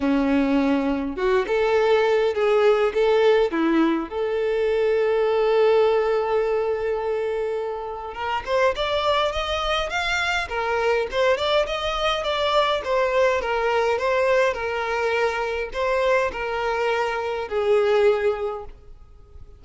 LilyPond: \new Staff \with { instrumentName = "violin" } { \time 4/4 \tempo 4 = 103 cis'2 fis'8 a'4. | gis'4 a'4 e'4 a'4~ | a'1~ | a'2 ais'8 c''8 d''4 |
dis''4 f''4 ais'4 c''8 d''8 | dis''4 d''4 c''4 ais'4 | c''4 ais'2 c''4 | ais'2 gis'2 | }